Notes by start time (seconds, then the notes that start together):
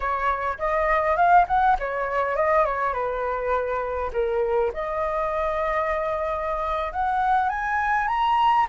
0.00 C#5
0.58 D#5
1.16 F5
1.47 F#5
1.79 C#5
2.36 D#5
2.65 C#5
2.93 B4
4.12 A#4
4.73 D#5
6.92 F#5
7.49 G#5
8.07 A#5